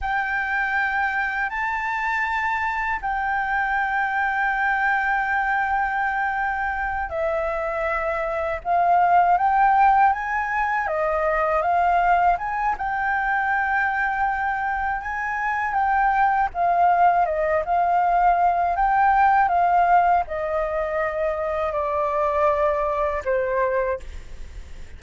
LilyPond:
\new Staff \with { instrumentName = "flute" } { \time 4/4 \tempo 4 = 80 g''2 a''2 | g''1~ | g''4. e''2 f''8~ | f''8 g''4 gis''4 dis''4 f''8~ |
f''8 gis''8 g''2. | gis''4 g''4 f''4 dis''8 f''8~ | f''4 g''4 f''4 dis''4~ | dis''4 d''2 c''4 | }